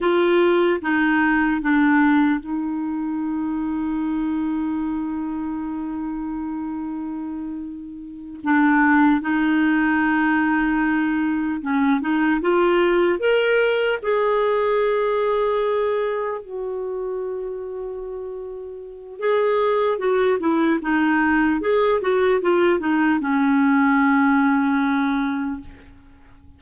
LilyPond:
\new Staff \with { instrumentName = "clarinet" } { \time 4/4 \tempo 4 = 75 f'4 dis'4 d'4 dis'4~ | dis'1~ | dis'2~ dis'8 d'4 dis'8~ | dis'2~ dis'8 cis'8 dis'8 f'8~ |
f'8 ais'4 gis'2~ gis'8~ | gis'8 fis'2.~ fis'8 | gis'4 fis'8 e'8 dis'4 gis'8 fis'8 | f'8 dis'8 cis'2. | }